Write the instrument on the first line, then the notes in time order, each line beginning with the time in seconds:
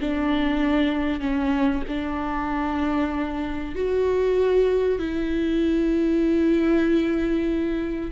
viola
0.00 D4
1.20 C#4
1.88 D4
3.75 F#4
4.99 E4